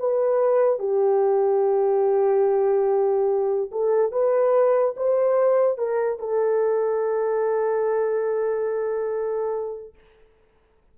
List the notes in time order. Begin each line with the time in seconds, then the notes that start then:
0.00 B4
0.80 G4
3.72 A4
4.12 B4
4.97 C5
5.78 A#4
6.20 A4